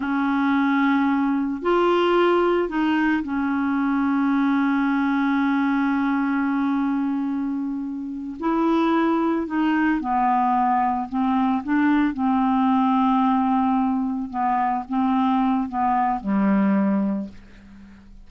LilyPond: \new Staff \with { instrumentName = "clarinet" } { \time 4/4 \tempo 4 = 111 cis'2. f'4~ | f'4 dis'4 cis'2~ | cis'1~ | cis'2.~ cis'8 e'8~ |
e'4. dis'4 b4.~ | b8 c'4 d'4 c'4.~ | c'2~ c'8 b4 c'8~ | c'4 b4 g2 | }